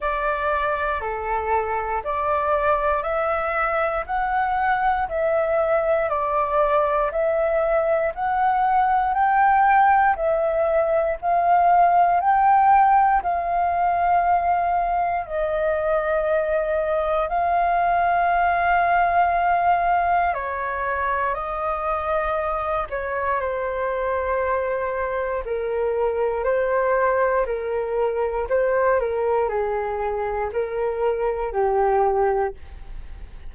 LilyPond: \new Staff \with { instrumentName = "flute" } { \time 4/4 \tempo 4 = 59 d''4 a'4 d''4 e''4 | fis''4 e''4 d''4 e''4 | fis''4 g''4 e''4 f''4 | g''4 f''2 dis''4~ |
dis''4 f''2. | cis''4 dis''4. cis''8 c''4~ | c''4 ais'4 c''4 ais'4 | c''8 ais'8 gis'4 ais'4 g'4 | }